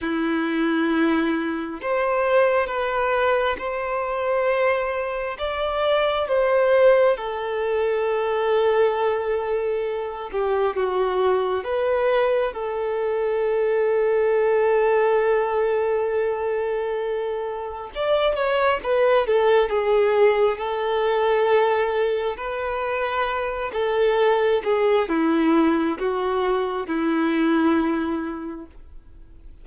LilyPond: \new Staff \with { instrumentName = "violin" } { \time 4/4 \tempo 4 = 67 e'2 c''4 b'4 | c''2 d''4 c''4 | a'2.~ a'8 g'8 | fis'4 b'4 a'2~ |
a'1 | d''8 cis''8 b'8 a'8 gis'4 a'4~ | a'4 b'4. a'4 gis'8 | e'4 fis'4 e'2 | }